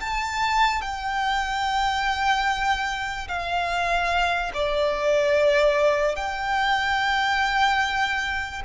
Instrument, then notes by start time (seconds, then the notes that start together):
violin
0.00 A5
0.81 G5
3.28 F5
4.54 D5
6.15 G5